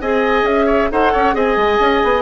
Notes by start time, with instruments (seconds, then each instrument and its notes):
0.00 bassoon C4, clarinet G#4, oboe D#5, flute G#5
0.42 bassoon C#4, flute E5
0.66 oboe C#5
0.91 bassoon D#4, clarinet A4, oboe C5, flute F#5
1.12 bassoon C#4, oboe C#5
1.33 bassoon C4, clarinet G#4, oboe D#5, flute G#5
1.56 bassoon G#3
1.79 bassoon C#4
2.03 bassoon B3